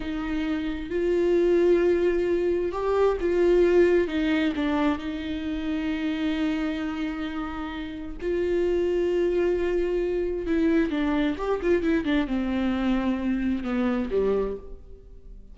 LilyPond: \new Staff \with { instrumentName = "viola" } { \time 4/4 \tempo 4 = 132 dis'2 f'2~ | f'2 g'4 f'4~ | f'4 dis'4 d'4 dis'4~ | dis'1~ |
dis'2 f'2~ | f'2. e'4 | d'4 g'8 f'8 e'8 d'8 c'4~ | c'2 b4 g4 | }